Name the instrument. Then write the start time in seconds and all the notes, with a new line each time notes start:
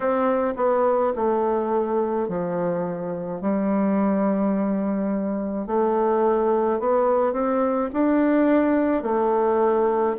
bassoon
0.00 C4
0.56 B3
1.15 A3
2.28 F3
3.41 G3
5.66 A3
6.79 B3
7.33 C4
7.92 D4
9.03 A3